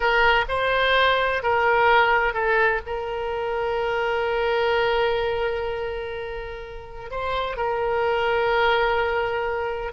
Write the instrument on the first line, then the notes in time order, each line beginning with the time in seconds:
oboe
0.00 A#4
0.48 C5
1.43 A#4
2.33 A4
2.86 A#4
7.11 C5
7.56 A#4